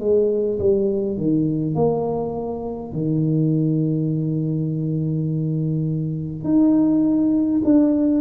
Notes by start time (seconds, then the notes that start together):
0.00 G#3
0.59 G3
1.18 D#3
1.75 A#3
2.93 D#3
6.44 D#4
7.65 D4